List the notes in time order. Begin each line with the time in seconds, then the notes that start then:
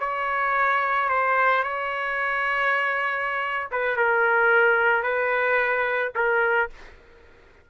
0.00 C#5
1.09 C5
1.64 C#5
3.72 B4
3.97 A#4
5.03 B4
6.16 A#4